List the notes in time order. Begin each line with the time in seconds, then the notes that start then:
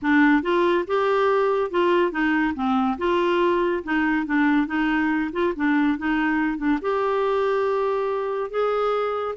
0.02 D4
0.42 F4
0.87 G4
1.70 F4
2.11 D#4
2.54 C4
2.98 F4
3.83 D#4
4.26 D4
4.67 D#4
5.32 F4
5.56 D4
5.97 D#4
6.57 D4
6.81 G4
8.50 G#4